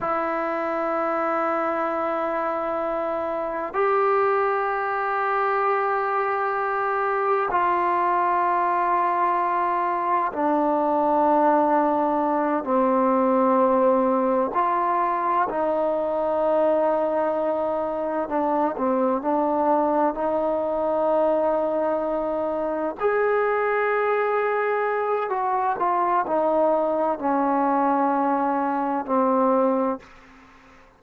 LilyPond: \new Staff \with { instrumentName = "trombone" } { \time 4/4 \tempo 4 = 64 e'1 | g'1 | f'2. d'4~ | d'4. c'2 f'8~ |
f'8 dis'2. d'8 | c'8 d'4 dis'2~ dis'8~ | dis'8 gis'2~ gis'8 fis'8 f'8 | dis'4 cis'2 c'4 | }